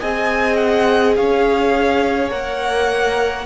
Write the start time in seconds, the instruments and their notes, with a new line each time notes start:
0.00 cello C4, viola G#4, violin D#5 G#5
0.57 violin F#5
1.16 cello C#4, violin C#5 F5
2.30 cello A#3, viola A#4, violin F#5